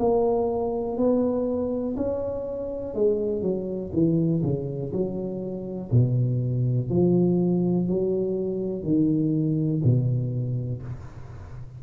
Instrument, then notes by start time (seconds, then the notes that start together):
tuba
0.00 A#3
0.97 B3
1.97 C#4
2.95 G#3
3.42 F#3
3.93 E3
4.43 C#3
4.93 F#3
5.92 B2
6.90 F3
7.89 F#3
8.84 D#3
9.85 B2